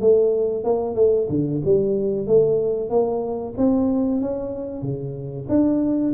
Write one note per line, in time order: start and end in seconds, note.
0.00 0.64 A3
0.64 0.95 A#3
0.95 1.27 A3
1.29 1.61 D3
1.64 2.26 G3
2.26 2.89 A3
2.89 3.54 A#3
3.57 4.21 C4
4.21 4.82 C#4
4.82 5.46 C#3
5.48 6.13 D4